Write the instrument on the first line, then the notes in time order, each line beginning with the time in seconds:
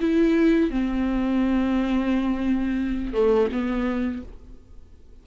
viola
0.00 E4
0.70 C4
3.13 A3
3.52 B3